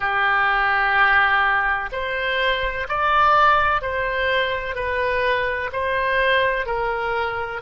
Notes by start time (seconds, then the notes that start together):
0.00 G4
1.91 C5
2.88 D5
3.81 C5
4.74 B4
5.72 C5
6.66 A#4